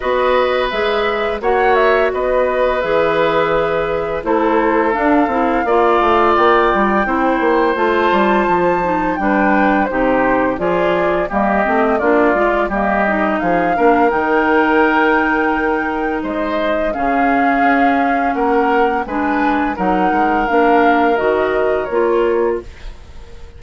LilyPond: <<
  \new Staff \with { instrumentName = "flute" } { \time 4/4 \tempo 4 = 85 dis''4 e''4 fis''8 e''8 dis''4 | e''2 c''4 f''4~ | f''4 g''2 a''4~ | a''4 g''4 c''4 d''4 |
dis''4 d''4 dis''4 f''4 | g''2. dis''4 | f''2 fis''4 gis''4 | fis''4 f''4 dis''4 cis''4 | }
  \new Staff \with { instrumentName = "oboe" } { \time 4/4 b'2 cis''4 b'4~ | b'2 a'2 | d''2 c''2~ | c''4 b'4 g'4 gis'4 |
g'4 f'4 g'4 gis'8 ais'8~ | ais'2. c''4 | gis'2 ais'4 b'4 | ais'1 | }
  \new Staff \with { instrumentName = "clarinet" } { \time 4/4 fis'4 gis'4 fis'2 | gis'2 e'4 d'8 e'8 | f'2 e'4 f'4~ | f'8 dis'8 d'4 dis'4 f'4 |
ais8 c'8 d'8 f'8 ais8 dis'4 d'8 | dis'1 | cis'2. d'4 | dis'4 d'4 fis'4 f'4 | }
  \new Staff \with { instrumentName = "bassoon" } { \time 4/4 b4 gis4 ais4 b4 | e2 a4 d'8 c'8 | ais8 a8 ais8 g8 c'8 ais8 a8 g8 | f4 g4 c4 f4 |
g8 a8 ais8 gis8 g4 f8 ais8 | dis2. gis4 | cis4 cis'4 ais4 gis4 | fis8 gis8 ais4 dis4 ais4 | }
>>